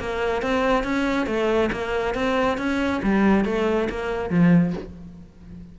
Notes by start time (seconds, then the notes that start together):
0.00 A#3
0.42 C4
0.84 C#4
1.27 A3
1.72 A#3
2.15 C4
2.58 C#4
3.03 G3
3.45 A3
3.90 A#3
4.30 F3